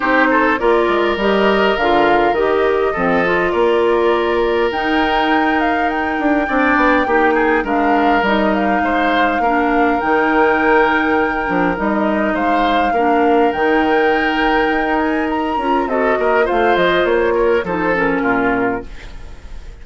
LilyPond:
<<
  \new Staff \with { instrumentName = "flute" } { \time 4/4 \tempo 4 = 102 c''4 d''4 dis''4 f''4 | dis''2 d''2 | g''4. f''8 g''2~ | g''4 f''4 dis''8 f''4.~ |
f''4 g''2. | dis''4 f''2 g''4~ | g''4. gis''8 ais''4 dis''4 | f''8 dis''8 cis''4 c''8 ais'4. | }
  \new Staff \with { instrumentName = "oboe" } { \time 4/4 g'8 a'8 ais'2.~ | ais'4 a'4 ais'2~ | ais'2. d''4 | g'8 gis'8 ais'2 c''4 |
ais'1~ | ais'4 c''4 ais'2~ | ais'2. a'8 ais'8 | c''4. ais'8 a'4 f'4 | }
  \new Staff \with { instrumentName = "clarinet" } { \time 4/4 dis'4 f'4 g'4 f'4 | g'4 c'8 f'2~ f'8 | dis'2. d'4 | dis'4 d'4 dis'2 |
d'4 dis'2~ dis'8 d'8 | dis'2 d'4 dis'4~ | dis'2~ dis'8 f'8 fis'4 | f'2 dis'8 cis'4. | }
  \new Staff \with { instrumentName = "bassoon" } { \time 4/4 c'4 ais8 gis8 g4 d4 | dis4 f4 ais2 | dis'2~ dis'8 d'8 c'8 b8 | ais4 gis4 g4 gis4 |
ais4 dis2~ dis8 f8 | g4 gis4 ais4 dis4~ | dis4 dis'4. cis'8 c'8 ais8 | a8 f8 ais4 f4 ais,4 | }
>>